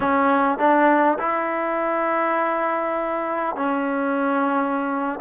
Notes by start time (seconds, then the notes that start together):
0.00 C#4
0.58 D4
1.19 E4
3.56 C#4